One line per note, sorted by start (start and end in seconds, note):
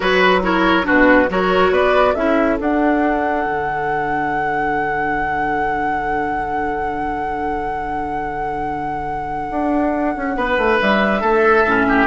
0.00 0.86 F#3
0.00 0.41 F#4
0.00 0.40 B4
0.00 0.21 C#5
0.21 0.42 B4
0.42 0.83 E4
0.42 0.86 A#4
0.42 0.86 C#5
0.83 1.26 D4
0.83 1.29 F#4
0.83 1.30 B4
0.89 1.29 B2
1.29 1.71 F#3
1.29 2.16 F#4
1.29 1.72 A#4
1.29 1.73 C#5
1.71 2.14 B3
1.71 2.14 B4
1.71 2.14 D5
2.14 2.58 C#4
2.14 2.58 E4
2.14 10.34 A4
2.14 2.57 E5
2.58 11.65 D4
2.58 3.45 D4
2.58 10.80 F#5
3.45 9.49 D3
9.50 10.15 D4
10.16 10.36 C#4
10.36 10.57 B3
10.36 11.20 B4
10.57 10.79 A3
10.80 11.22 G3
10.80 12.07 E5
11.20 11.64 A3
11.20 11.85 A4
11.64 12.07 A2
11.64 12.07 C#4
11.88 12.07 G4